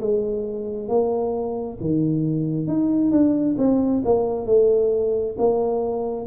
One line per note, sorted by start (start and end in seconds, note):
0.00 0.88 G#3
0.88 1.78 A#3
1.80 2.67 D#3
2.67 3.11 D#4
3.11 3.56 D4
3.58 4.03 C4
4.05 4.46 A#3
4.46 5.35 A3
5.38 6.26 A#3